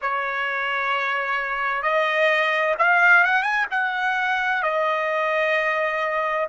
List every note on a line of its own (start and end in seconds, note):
0.01 1.82 C#5
1.82 2.74 D#5
2.78 3.23 F5
3.23 3.42 F#5
3.42 3.65 G#5
3.70 4.62 F#5
4.62 6.47 D#5